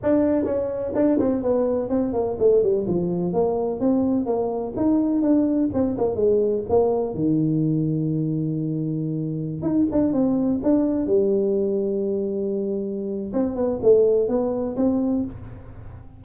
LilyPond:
\new Staff \with { instrumentName = "tuba" } { \time 4/4 \tempo 4 = 126 d'4 cis'4 d'8 c'8 b4 | c'8 ais8 a8 g8 f4 ais4 | c'4 ais4 dis'4 d'4 | c'8 ais8 gis4 ais4 dis4~ |
dis1~ | dis16 dis'8 d'8 c'4 d'4 g8.~ | g1 | c'8 b8 a4 b4 c'4 | }